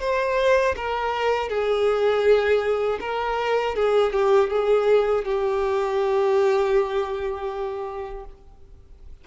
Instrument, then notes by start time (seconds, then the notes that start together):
violin
0.00 C5
0.76 A#4
1.49 G#4
3.00 A#4
3.75 G#4
4.12 G4
4.50 G#4
5.25 G4